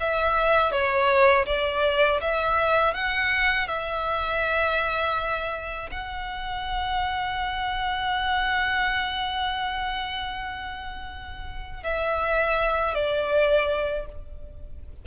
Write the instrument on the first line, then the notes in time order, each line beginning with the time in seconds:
violin
0.00 E5
0.71 C#5
1.46 D5
2.21 E5
2.94 F#5
3.67 E5
5.91 F#5
11.83 E5
12.95 D5